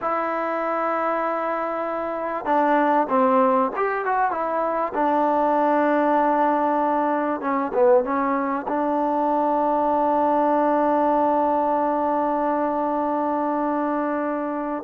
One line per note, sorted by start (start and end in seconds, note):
0.01 2.45 E4
2.45 3.07 D4
3.09 3.71 C4
3.76 4.05 G4
4.05 4.31 F#4
4.31 4.93 E4
4.93 7.41 D4
7.41 7.72 C#4
7.73 8.04 B3
8.04 8.65 C#4
8.68 14.83 D4